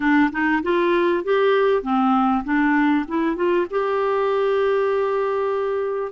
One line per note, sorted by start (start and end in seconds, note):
0.00 0.30 D4
0.31 0.62 D#4
0.62 1.24 F4
1.24 1.82 G4
1.82 2.43 C4
2.44 3.05 D4
3.08 3.36 E4
3.36 3.66 F4
3.70 6.12 G4